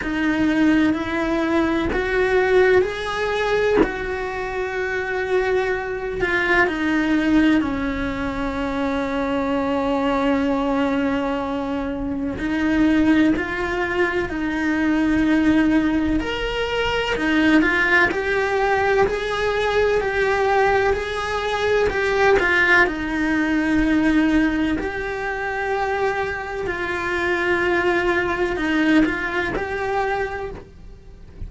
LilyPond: \new Staff \with { instrumentName = "cello" } { \time 4/4 \tempo 4 = 63 dis'4 e'4 fis'4 gis'4 | fis'2~ fis'8 f'8 dis'4 | cis'1~ | cis'4 dis'4 f'4 dis'4~ |
dis'4 ais'4 dis'8 f'8 g'4 | gis'4 g'4 gis'4 g'8 f'8 | dis'2 g'2 | f'2 dis'8 f'8 g'4 | }